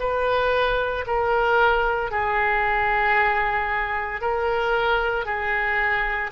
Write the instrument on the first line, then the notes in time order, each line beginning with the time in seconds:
oboe
0.00 B4
1.07 A#4
2.11 G#4
4.21 A#4
5.26 G#4